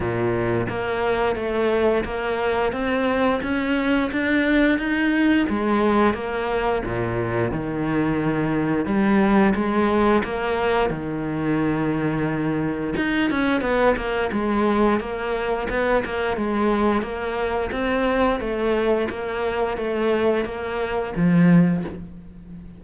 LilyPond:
\new Staff \with { instrumentName = "cello" } { \time 4/4 \tempo 4 = 88 ais,4 ais4 a4 ais4 | c'4 cis'4 d'4 dis'4 | gis4 ais4 ais,4 dis4~ | dis4 g4 gis4 ais4 |
dis2. dis'8 cis'8 | b8 ais8 gis4 ais4 b8 ais8 | gis4 ais4 c'4 a4 | ais4 a4 ais4 f4 | }